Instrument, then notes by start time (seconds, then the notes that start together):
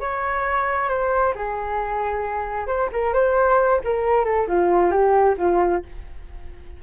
flute
0.00 C#5
0.89 C5
1.35 G#4
2.67 C5
2.92 A#4
3.13 C5
3.84 A#4
4.24 A4
4.48 F4
4.91 G4
5.38 F4